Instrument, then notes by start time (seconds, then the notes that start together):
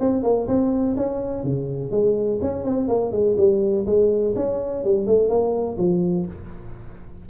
tuba
0.00 C4
0.23 A#3
0.48 C4
0.97 C#4
1.44 C#3
1.91 G#3
2.42 C#4
2.64 C4
2.88 A#3
3.12 G#3
3.37 G3
3.86 G#3
4.36 C#4
4.84 G3
5.07 A3
5.29 A#3
5.78 F3